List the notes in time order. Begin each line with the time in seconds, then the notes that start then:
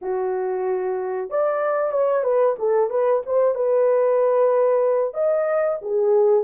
0.01 F#4
1.30 D5
1.91 C#5
2.23 B4
2.58 A4
2.90 B4
3.26 C5
3.55 B4
5.13 D#5
5.81 G#4